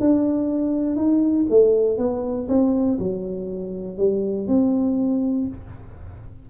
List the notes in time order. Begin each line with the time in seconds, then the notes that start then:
0.00 D4
0.96 D#4
1.50 A3
1.98 B3
2.48 C4
2.99 F#3
3.98 G3
4.47 C4